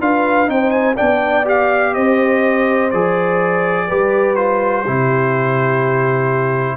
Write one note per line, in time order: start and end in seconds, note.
0.00 0.48 D4
0.00 0.46 F4
0.00 0.50 B4
0.00 0.49 F5
0.46 0.97 C4
0.46 0.95 D#4
0.46 0.96 C5
0.46 0.70 G5
0.70 0.94 G#5
0.96 1.96 B3
0.96 1.45 D4
0.96 1.93 D5
0.96 1.45 G5
1.45 2.90 G4
1.45 1.94 F5
1.94 2.93 C4
1.94 3.88 C5
1.94 2.91 D#5
2.91 3.90 F3
2.91 3.89 G#4
2.91 4.35 D5
3.88 4.87 G3
3.88 4.36 G4
3.88 4.84 B4
4.35 4.85 F4
4.35 6.77 C5
4.85 6.77 C3
4.85 6.77 E4
4.85 6.77 G4